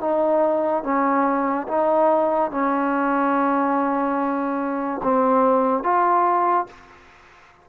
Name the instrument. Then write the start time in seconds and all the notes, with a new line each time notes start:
trombone
0.00 D#4
0.83 C#4
1.67 D#4
2.51 C#4
5.03 C4
5.83 F4